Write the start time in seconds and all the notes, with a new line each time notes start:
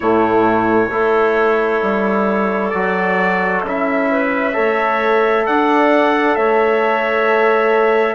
0.00 A2 A3 E4 C#5
0.89 A3 E4 A4
1.81 G3
2.70 F#3 F#4 D5
3.63 C#4 E4 E5
4.11 B4
4.53 A3 A4 C#5
5.46 D4 D5 F#5
6.35 A3 C#5 E5